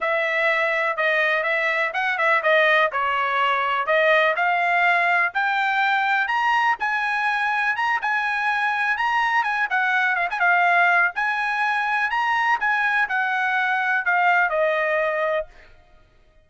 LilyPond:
\new Staff \with { instrumentName = "trumpet" } { \time 4/4 \tempo 4 = 124 e''2 dis''4 e''4 | fis''8 e''8 dis''4 cis''2 | dis''4 f''2 g''4~ | g''4 ais''4 gis''2 |
ais''8 gis''2 ais''4 gis''8 | fis''4 f''16 gis''16 f''4. gis''4~ | gis''4 ais''4 gis''4 fis''4~ | fis''4 f''4 dis''2 | }